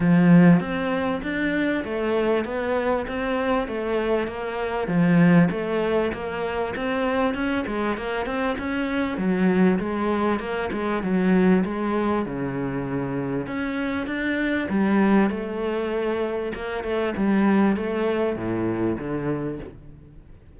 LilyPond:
\new Staff \with { instrumentName = "cello" } { \time 4/4 \tempo 4 = 98 f4 c'4 d'4 a4 | b4 c'4 a4 ais4 | f4 a4 ais4 c'4 | cis'8 gis8 ais8 c'8 cis'4 fis4 |
gis4 ais8 gis8 fis4 gis4 | cis2 cis'4 d'4 | g4 a2 ais8 a8 | g4 a4 a,4 d4 | }